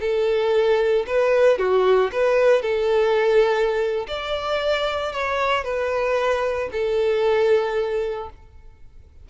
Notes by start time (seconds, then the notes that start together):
0.00 A4
1.07 B4
1.58 F#4
2.12 B4
2.62 A4
4.07 D5
5.12 C#5
5.64 B4
6.72 A4